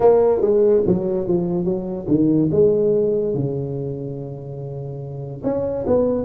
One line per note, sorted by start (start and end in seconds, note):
0.00 0.41 A#3
0.41 0.82 G#3
0.86 1.27 F#3
1.27 1.64 F3
1.64 2.06 F#3
2.08 2.49 D#3
2.51 3.34 G#3
3.34 5.42 C#3
5.43 5.85 C#4
5.86 6.24 B3